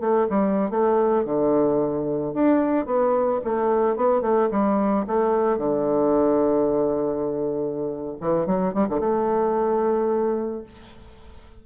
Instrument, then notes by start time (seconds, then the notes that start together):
bassoon
0.00 A3
0.30 G3
0.70 A3
1.25 D3
2.34 D4
2.86 B3
3.44 A3
3.96 B3
4.21 A3
4.51 G3
5.07 A3
5.58 D3
8.21 E3
8.46 F#3
8.74 G3
8.89 D3
9.00 A3